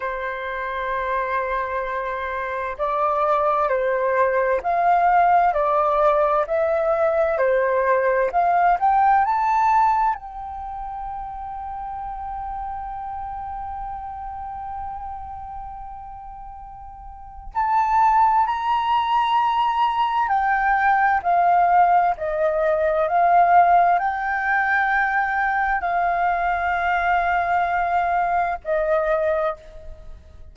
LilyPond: \new Staff \with { instrumentName = "flute" } { \time 4/4 \tempo 4 = 65 c''2. d''4 | c''4 f''4 d''4 e''4 | c''4 f''8 g''8 a''4 g''4~ | g''1~ |
g''2. a''4 | ais''2 g''4 f''4 | dis''4 f''4 g''2 | f''2. dis''4 | }